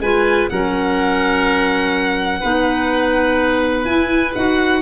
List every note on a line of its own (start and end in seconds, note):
0.00 0.48 G#3
0.00 0.50 F4
0.00 0.50 B4
0.00 0.49 G#5
0.49 2.43 F#3
0.49 2.42 C#4
0.49 2.40 A#4
0.49 3.84 F#5
2.40 3.85 B3
2.40 3.86 D#4
2.40 4.80 B4
3.84 4.33 E4
3.84 4.34 E4
3.84 4.32 G#5
4.36 4.82 D#4
4.36 4.82 F#4
4.36 4.82 F#5